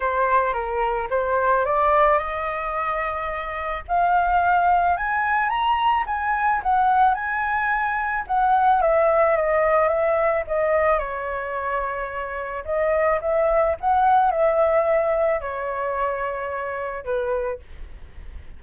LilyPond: \new Staff \with { instrumentName = "flute" } { \time 4/4 \tempo 4 = 109 c''4 ais'4 c''4 d''4 | dis''2. f''4~ | f''4 gis''4 ais''4 gis''4 | fis''4 gis''2 fis''4 |
e''4 dis''4 e''4 dis''4 | cis''2. dis''4 | e''4 fis''4 e''2 | cis''2. b'4 | }